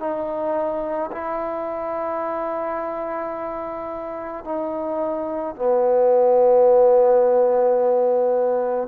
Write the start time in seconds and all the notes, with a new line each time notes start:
0.00 D#4
1.12 E4
4.45 D#4
5.56 B3